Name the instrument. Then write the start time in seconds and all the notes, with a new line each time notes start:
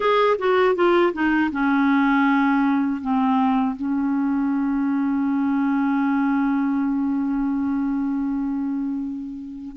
clarinet
0.00 G#4
0.38 F#4
0.75 F4
1.12 D#4
1.51 C#4
3.01 C4
3.75 C#4